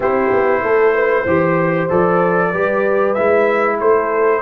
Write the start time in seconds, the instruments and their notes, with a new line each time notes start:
0.00 tuba C4, trombone E4, horn G4, trumpet C5
0.31 tuba B3
0.62 tuba A3, horn A4
0.94 horn B4
1.23 tuba E3, trombone G4, horn C5
1.89 tuba F3, trombone A4, trumpet D5
2.50 tuba G3, trombone G4, horn B4
3.13 tuba G#3, trombone E4, trumpet E5
3.80 tuba A3, horn A4, trumpet C5